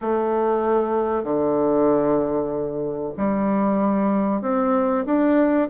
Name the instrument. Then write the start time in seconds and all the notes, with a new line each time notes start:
bassoon
0.01 A3
1.23 D3
3.17 G3
4.41 C4
5.05 D4